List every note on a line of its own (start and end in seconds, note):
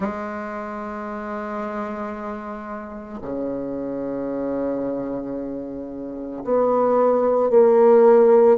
0.00 3.19 G#3
3.21 6.43 C#3
6.43 7.50 B3
7.50 8.57 A#3